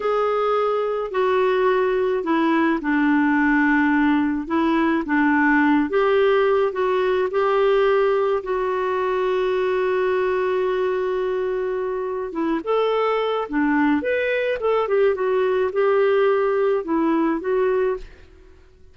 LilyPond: \new Staff \with { instrumentName = "clarinet" } { \time 4/4 \tempo 4 = 107 gis'2 fis'2 | e'4 d'2. | e'4 d'4. g'4. | fis'4 g'2 fis'4~ |
fis'1~ | fis'2 e'8 a'4. | d'4 b'4 a'8 g'8 fis'4 | g'2 e'4 fis'4 | }